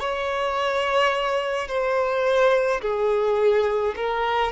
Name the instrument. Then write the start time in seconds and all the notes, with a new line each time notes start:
violin
0.00 C#5
1.67 C5
2.81 G#4
3.96 A#4